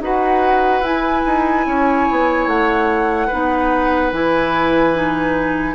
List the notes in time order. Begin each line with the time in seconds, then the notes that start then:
0.00 D#4 F#4 B4 F#5
0.81 E4 G#5
1.27 D#4
1.67 C#4 C#5
2.10 B3
2.47 A3 F#5
3.27 B3 D#4 B4
4.12 E3 E4 G#5
4.94 D#4